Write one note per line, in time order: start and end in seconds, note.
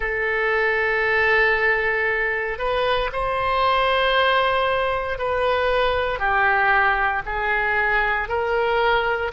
0.00 2.58 A4
2.58 3.10 B4
3.12 5.18 C5
5.18 6.19 B4
6.19 7.22 G4
7.25 8.28 G#4
8.28 9.31 A#4